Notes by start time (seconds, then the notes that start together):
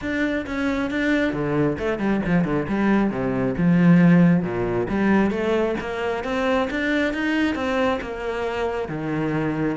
0.01 D4
0.46 C#4
0.90 D4
1.32 D3
1.79 A3
1.99 G3
2.25 F3
2.44 D3
2.68 G3
3.10 C3
3.57 F3
4.43 A#2
4.88 G3
5.30 A3
5.80 A#3
6.24 C4
6.70 D4
7.13 D#4
7.55 C4
8.01 A#3
8.88 D#3